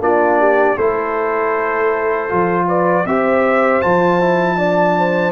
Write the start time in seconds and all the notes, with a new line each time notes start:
0.00 A#3 D4 F4 D5
0.39 G4
0.75 A3 E4 A4 C5
2.29 F3 F4
2.68 B4 D5
3.05 C4 G4 C5 E5
3.81 F3 F4 A5
4.20 E4
4.57 D4 D5
4.98 C5